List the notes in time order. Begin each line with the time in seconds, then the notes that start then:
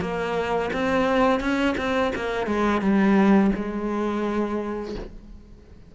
0.00 A#3
0.73 C4
1.40 C#4
1.77 C4
2.15 A#3
2.46 G#3
2.81 G3
3.55 G#3